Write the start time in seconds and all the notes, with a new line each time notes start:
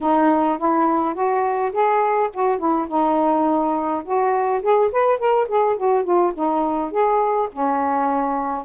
0.00 D#4
0.58 E4
1.14 F#4
1.72 G#4
2.33 F#4
2.58 E4
2.88 D#4
4.04 F#4
4.62 G#4
4.92 B4
5.18 A#4
5.48 G#4
5.77 F#4
6.04 F4
6.34 D#4
6.91 G#4
7.52 C#4